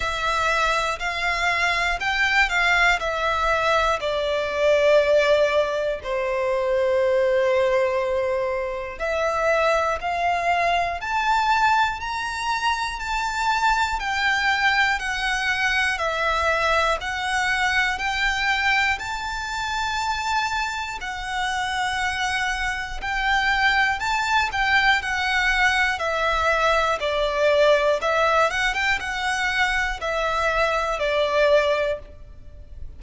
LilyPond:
\new Staff \with { instrumentName = "violin" } { \time 4/4 \tempo 4 = 60 e''4 f''4 g''8 f''8 e''4 | d''2 c''2~ | c''4 e''4 f''4 a''4 | ais''4 a''4 g''4 fis''4 |
e''4 fis''4 g''4 a''4~ | a''4 fis''2 g''4 | a''8 g''8 fis''4 e''4 d''4 | e''8 fis''16 g''16 fis''4 e''4 d''4 | }